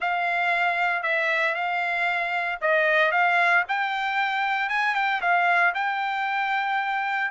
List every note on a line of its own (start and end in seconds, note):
0.00 1.02 F5
1.02 1.54 E5
1.54 2.58 F5
2.61 3.11 D#5
3.11 3.64 F5
3.68 4.69 G5
4.69 4.94 G#5
4.94 5.20 G5
5.21 5.73 F5
5.74 7.31 G5